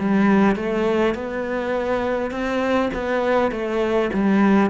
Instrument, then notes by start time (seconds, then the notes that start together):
cello
0.00 G3
0.56 A3
1.15 B3
2.31 C4
2.94 B3
3.52 A3
4.14 G3